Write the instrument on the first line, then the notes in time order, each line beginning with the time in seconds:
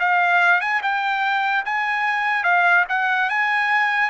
trumpet
0.00 F5
0.61 G#5
0.83 G5
1.66 G#5
2.44 F5
2.89 F#5
3.30 G#5